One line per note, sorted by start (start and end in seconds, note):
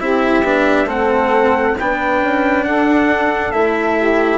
0.00 0.43 C4
0.00 0.44 E4
0.00 0.88 G4
0.00 0.88 E5
0.43 0.85 B3
0.43 0.86 D4
0.85 1.74 A3
0.85 1.75 C4
0.85 1.76 A4
0.85 1.77 F#5
1.78 2.21 B3
1.78 3.53 D4
1.78 2.66 B4
1.78 2.65 G5
2.21 2.65 C#4
2.65 3.53 D4
2.65 3.97 A4
2.65 3.52 F#5
3.52 4.38 A3
3.52 4.38 E4
3.52 4.38 E5
3.97 4.38 G4